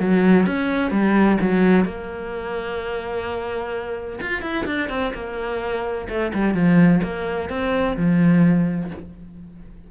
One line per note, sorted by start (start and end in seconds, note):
0.00 0.46 F#3
0.46 0.91 C#4
0.91 1.38 G3
1.41 1.85 F#3
1.85 4.20 A#3
4.21 4.42 F4
4.42 4.65 E4
4.66 4.89 D4
4.89 5.13 C4
5.14 6.08 A#3
6.09 6.33 A3
6.34 6.54 G3
6.54 7.01 F3
7.03 7.50 A#3
7.50 7.97 C4
7.97 8.91 F3